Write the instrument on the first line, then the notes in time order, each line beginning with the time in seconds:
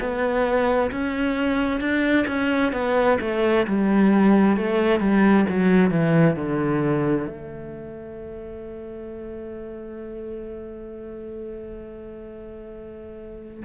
cello
0.00 B3
0.91 C#4
1.80 D4
2.27 C#4
2.72 B3
3.21 A3
3.67 G3
4.57 A3
5.00 G3
5.49 F#3
5.91 E3
6.36 D3
7.27 A3